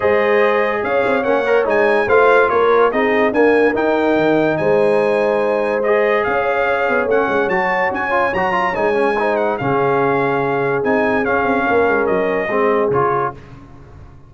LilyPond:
<<
  \new Staff \with { instrumentName = "trumpet" } { \time 4/4 \tempo 4 = 144 dis''2 f''4 fis''4 | gis''4 f''4 cis''4 dis''4 | gis''4 g''2 gis''4~ | gis''2 dis''4 f''4~ |
f''4 fis''4 a''4 gis''4 | ais''4 gis''4. fis''8 f''4~ | f''2 gis''4 f''4~ | f''4 dis''2 cis''4 | }
  \new Staff \with { instrumentName = "horn" } { \time 4/4 c''2 cis''2~ | cis''4 c''4 ais'4 gis'4 | ais'2. c''4~ | c''2. cis''4~ |
cis''1~ | cis''2 c''4 gis'4~ | gis'1 | ais'2 gis'2 | }
  \new Staff \with { instrumentName = "trombone" } { \time 4/4 gis'2. cis'8 ais'8 | dis'4 f'2 dis'4 | ais4 dis'2.~ | dis'2 gis'2~ |
gis'4 cis'4 fis'4. f'8 | fis'8 f'8 dis'8 cis'8 dis'4 cis'4~ | cis'2 dis'4 cis'4~ | cis'2 c'4 f'4 | }
  \new Staff \with { instrumentName = "tuba" } { \time 4/4 gis2 cis'8 c'8 ais4 | gis4 a4 ais4 c'4 | d'4 dis'4 dis4 gis4~ | gis2. cis'4~ |
cis'8 b8 a8 gis8 fis4 cis'4 | fis4 gis2 cis4~ | cis2 c'4 cis'8 c'8 | ais8 gis8 fis4 gis4 cis4 | }
>>